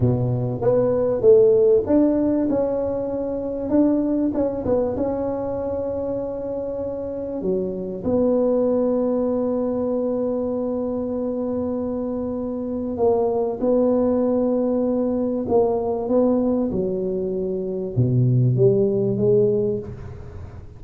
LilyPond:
\new Staff \with { instrumentName = "tuba" } { \time 4/4 \tempo 4 = 97 b,4 b4 a4 d'4 | cis'2 d'4 cis'8 b8 | cis'1 | fis4 b2.~ |
b1~ | b4 ais4 b2~ | b4 ais4 b4 fis4~ | fis4 b,4 g4 gis4 | }